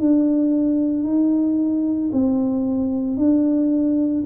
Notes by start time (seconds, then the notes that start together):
0.00 D4
1.04 D#4
2.13 C4
3.17 D4